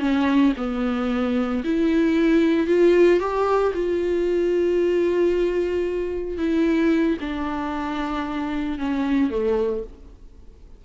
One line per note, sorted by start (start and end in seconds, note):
0.00 0.53 C#4
0.58 1.64 B3
1.65 2.67 E4
2.67 3.20 F4
3.20 3.73 G4
3.75 6.38 F4
6.38 7.18 E4
7.21 8.79 D4
8.79 9.31 C#4
9.31 9.84 A3